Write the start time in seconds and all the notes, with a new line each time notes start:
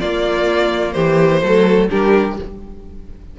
0.00 A#3 F4 D5
0.93 E3 G4 C5
1.42 F#3 A3 A4
1.90 G3 D4 G4 A#4